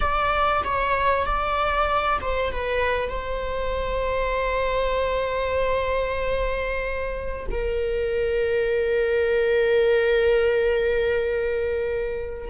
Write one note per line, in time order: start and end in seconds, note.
0.00 0.62 D5
0.64 1.25 C#5
1.25 2.18 D5
2.21 2.51 C5
2.51 3.09 B4
3.09 7.46 C5
7.51 12.50 A#4